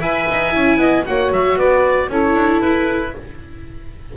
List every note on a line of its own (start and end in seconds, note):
0.00 0.27 E4
0.00 0.52 B4
0.00 0.78 E5
0.00 1.06 G#5
0.31 0.56 D#4
0.52 0.77 C#4
0.52 1.04 E4
0.77 1.03 B3
0.77 1.05 D#5
1.06 1.32 A#3
1.06 2.10 F#4
1.06 1.57 C#5
1.06 1.32 F#5
1.32 1.57 F#3
1.32 1.59 E5
1.57 2.09 B3
1.57 2.09 B4
1.57 2.11 D5
2.09 2.35 C#4
2.09 3.17 E4
2.09 3.13 A4
2.09 2.62 C#5
2.35 2.61 D4
2.62 3.15 E4
2.62 3.14 B4